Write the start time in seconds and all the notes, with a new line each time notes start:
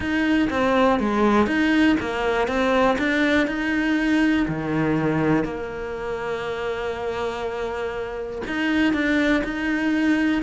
0.00 D#4
0.50 C4
0.99 G#3
1.47 D#4
2.00 A#3
2.47 C4
2.98 D4
3.47 D#4
4.48 D#3
5.44 A#3
8.47 D#4
8.93 D4
9.43 D#4